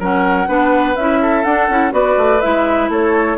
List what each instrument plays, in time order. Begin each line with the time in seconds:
0.00 bassoon F#3, clarinet C#4, oboe A#4, flute F#5
0.47 bassoon B3, clarinet D4, oboe B4
0.97 bassoon C#4, clarinet E4, flute E5
1.22 oboe A4
1.44 bassoon D4, clarinet D4, flute F#5
1.69 bassoon C#4, clarinet E4
1.91 bassoon B3, clarinet F#4, oboe B4, flute D5
2.18 bassoon A3
2.41 bassoon G#3, clarinet E4, flute E5
2.90 bassoon A3, oboe A4, flute C#5